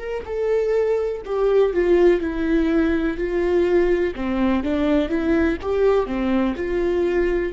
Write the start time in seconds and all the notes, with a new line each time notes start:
0.00 A#4
0.26 A4
1.26 G4
1.74 F4
2.21 E4
3.18 F4
4.16 C4
4.64 D4
5.09 E4
5.62 G4
6.07 C4
6.57 F4